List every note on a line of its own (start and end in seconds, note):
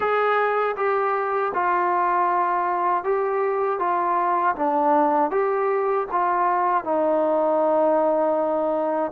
0.00 0.75 G#4
0.76 1.52 G4
1.54 3.04 F4
3.04 3.79 G4
3.79 4.55 F4
4.55 5.30 D4
5.30 6.06 G4
6.11 6.84 F4
6.84 9.11 D#4